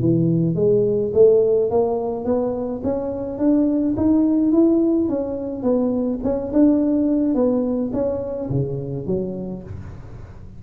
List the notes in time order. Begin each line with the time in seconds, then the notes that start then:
0.00 E3
0.56 G#3
1.14 A3
1.71 A#3
2.25 B3
2.84 C#4
3.39 D4
3.97 D#4
4.53 E4
5.09 C#4
5.63 B3
6.24 C#4
6.53 D4
7.35 B3
7.93 C#4
8.50 C#3
9.07 F#3